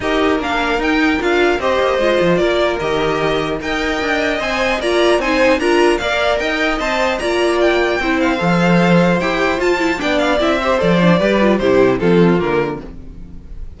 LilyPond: <<
  \new Staff \with { instrumentName = "violin" } { \time 4/4 \tempo 4 = 150 dis''4 f''4 g''4 f''4 | dis''2 d''4 dis''4~ | dis''4 g''2 gis''4 | ais''4 gis''4 ais''4 f''4 |
g''4 a''4 ais''4 g''4~ | g''8 f''2~ f''8 g''4 | a''4 g''8 f''8 e''4 d''4~ | d''4 c''4 a'4 ais'4 | }
  \new Staff \with { instrumentName = "violin" } { \time 4/4 ais'1 | c''2 ais'2~ | ais'4 dis''2. | d''4 c''4 ais'4 d''4 |
dis''2 d''2 | c''1~ | c''4 d''4. c''4. | b'4 g'4 f'2 | }
  \new Staff \with { instrumentName = "viola" } { \time 4/4 g'4 d'4 dis'4 f'4 | g'4 f'2 g'4~ | g'4 ais'2 c''4 | f'4 dis'4 f'4 ais'4~ |
ais'4 c''4 f'2 | e'4 a'2 g'4 | f'8 e'8 d'4 e'8 g'8 a'8 d'8 | g'8 f'8 e'4 c'4 ais4 | }
  \new Staff \with { instrumentName = "cello" } { \time 4/4 dis'4 ais4 dis'4 d'4 | c'8 ais8 gis8 f8 ais4 dis4~ | dis4 dis'4 d'4 c'4 | ais4 c'4 d'4 ais4 |
dis'4 c'4 ais2 | c'4 f2 e'4 | f'4 b4 c'4 f4 | g4 c4 f4 d4 | }
>>